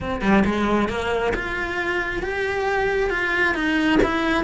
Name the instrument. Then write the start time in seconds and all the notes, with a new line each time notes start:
cello
0.00 C4
0.21 G3
0.45 G#3
0.88 A#3
1.35 F4
2.22 G4
3.10 F4
3.54 D#4
4.03 E4